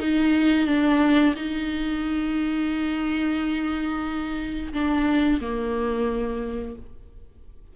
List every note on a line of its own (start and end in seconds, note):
0.00 0.67 D#4
0.67 1.35 D4
1.36 4.73 D#4
4.73 5.41 D4
5.41 6.76 A#3